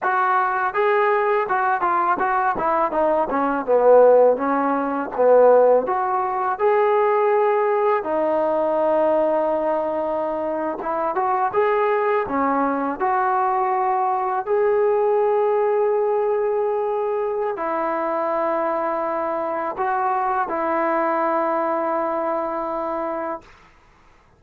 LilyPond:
\new Staff \with { instrumentName = "trombone" } { \time 4/4 \tempo 4 = 82 fis'4 gis'4 fis'8 f'8 fis'8 e'8 | dis'8 cis'8 b4 cis'4 b4 | fis'4 gis'2 dis'4~ | dis'2~ dis'8. e'8 fis'8 gis'16~ |
gis'8. cis'4 fis'2 gis'16~ | gis'1 | e'2. fis'4 | e'1 | }